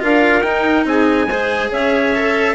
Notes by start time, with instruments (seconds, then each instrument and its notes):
0.00 bassoon D4, cello F4, clarinet A#4, trumpet F5
0.42 bassoon D#4, cello D#4, trumpet G5
0.85 bassoon C4, clarinet G#4, trumpet G#5
1.27 bassoon G#3, cello G#4, clarinet C5
1.72 bassoon C#4, clarinet C#5, trumpet E5
2.16 cello A4